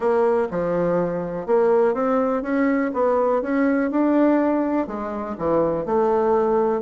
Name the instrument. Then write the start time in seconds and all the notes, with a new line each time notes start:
bassoon
0.00 A#3
0.50 F3
1.46 A#3
1.94 C4
2.42 C#4
2.93 B3
3.42 C#4
3.90 D4
4.87 G#3
5.38 E3
5.85 A3